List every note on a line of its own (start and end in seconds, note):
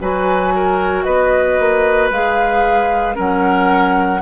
0.00 1.05 F#3
0.00 2.11 F#4
0.00 0.54 B4
0.00 1.03 G#5
0.56 1.05 A#4
1.03 1.58 B3
1.03 3.15 B4
1.03 2.08 D#5
1.58 2.10 A#3
2.10 3.16 G#3
2.10 3.14 G#4
2.10 3.16 F5
3.14 4.21 F#3
3.14 4.19 C#4
3.14 4.20 A#4
3.14 4.21 F#5